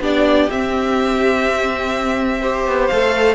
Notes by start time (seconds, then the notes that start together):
0.00 B3 D4 G4 D5
0.51 C4 E5
2.41 G4 C5
2.66 B3
2.88 A3 A4 F5